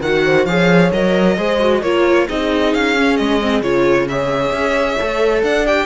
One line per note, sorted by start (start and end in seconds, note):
0.00 0.46 D#3
0.00 0.48 F#4
0.00 0.23 A#4
0.00 0.45 F#5
0.25 0.47 C5
0.45 0.91 F3
0.45 0.92 G#4
0.45 1.37 C#5
0.45 0.90 F5
0.92 1.37 F#3
0.92 1.37 A#4
0.92 1.82 D#5
1.37 1.82 G#3
1.37 1.59 G#4
1.37 1.81 C5
1.59 1.82 F#4
1.81 2.27 A#3
1.81 2.28 F4
1.81 2.26 A#4
1.81 2.27 C#5
2.28 2.75 C4
2.28 2.95 D#4
2.28 4.08 G#4
2.28 2.73 D#5
2.73 3.19 C#4
2.73 3.16 F5
2.95 3.40 C#4
3.16 3.61 G#3
3.16 3.62 D#5
3.40 3.62 C4
3.61 4.51 C#3
3.61 4.08 F4
3.61 4.07 C#5
4.08 4.99 G#4
4.08 5.44 C#5
4.08 5.43 E5
4.51 4.96 C#4
4.99 5.42 A3
4.99 5.66 A4
5.42 5.86 D4
5.42 5.86 D5
5.42 5.66 F#5
5.66 5.86 G4
5.66 5.86 G5